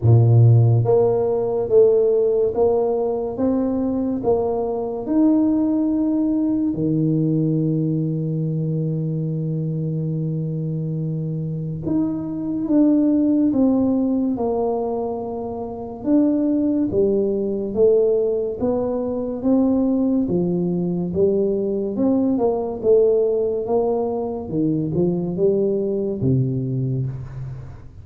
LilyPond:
\new Staff \with { instrumentName = "tuba" } { \time 4/4 \tempo 4 = 71 ais,4 ais4 a4 ais4 | c'4 ais4 dis'2 | dis1~ | dis2 dis'4 d'4 |
c'4 ais2 d'4 | g4 a4 b4 c'4 | f4 g4 c'8 ais8 a4 | ais4 dis8 f8 g4 c4 | }